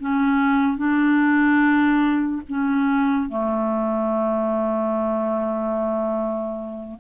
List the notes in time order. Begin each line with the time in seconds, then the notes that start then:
0.00 C#4
0.78 D4
2.48 C#4
3.29 A3